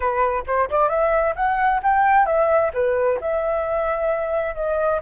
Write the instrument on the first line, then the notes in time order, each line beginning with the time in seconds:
flute
0.00 B4
0.46 C5
0.69 D5
0.89 E5
1.35 F#5
1.82 G5
2.25 E5
2.73 B4
3.20 E5
4.55 D#5